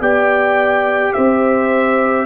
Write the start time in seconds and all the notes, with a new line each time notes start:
0.00 B3 G4 D5 G5
1.13 C4 C5 E5